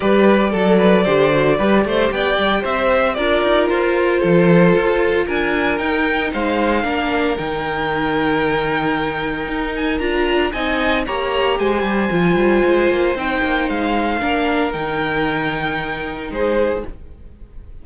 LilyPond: <<
  \new Staff \with { instrumentName = "violin" } { \time 4/4 \tempo 4 = 114 d''1 | g''4 e''4 d''4 c''4~ | c''2 gis''4 g''4 | f''2 g''2~ |
g''2~ g''8 gis''8 ais''4 | gis''4 ais''4 gis''2~ | gis''4 g''4 f''2 | g''2. c''4 | }
  \new Staff \with { instrumentName = "violin" } { \time 4/4 b'4 a'8 b'8 c''4 b'8 c''8 | d''4 c''4 ais'2 | a'2 ais'2 | c''4 ais'2.~ |
ais'1 | dis''4 cis''4 c''2~ | c''2. ais'4~ | ais'2. gis'4 | }
  \new Staff \with { instrumentName = "viola" } { \time 4/4 g'4 a'4 g'8 fis'8 g'4~ | g'2 f'2~ | f'2. dis'4~ | dis'4 d'4 dis'2~ |
dis'2. f'4 | dis'4 g'2 f'4~ | f'4 dis'2 d'4 | dis'1 | }
  \new Staff \with { instrumentName = "cello" } { \time 4/4 g4 fis4 d4 g8 a8 | b8 g8 c'4 d'8 dis'8 f'4 | f4 f'4 d'4 dis'4 | gis4 ais4 dis2~ |
dis2 dis'4 d'4 | c'4 ais4 gis8 g8 f8 g8 | gis8 ais8 c'8 ais8 gis4 ais4 | dis2. gis4 | }
>>